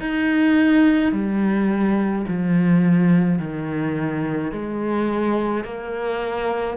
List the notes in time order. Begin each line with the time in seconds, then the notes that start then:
0.00 D#4
1.12 G3
2.28 F3
3.39 D#3
4.52 G#3
5.64 A#3